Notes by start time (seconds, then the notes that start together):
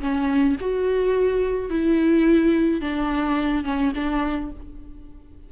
0.00 C#4
0.60 F#4
1.69 E4
2.81 D4
3.64 C#4
3.95 D4